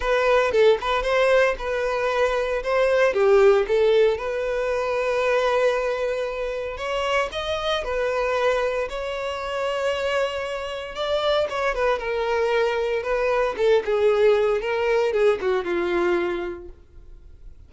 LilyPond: \new Staff \with { instrumentName = "violin" } { \time 4/4 \tempo 4 = 115 b'4 a'8 b'8 c''4 b'4~ | b'4 c''4 g'4 a'4 | b'1~ | b'4 cis''4 dis''4 b'4~ |
b'4 cis''2.~ | cis''4 d''4 cis''8 b'8 ais'4~ | ais'4 b'4 a'8 gis'4. | ais'4 gis'8 fis'8 f'2 | }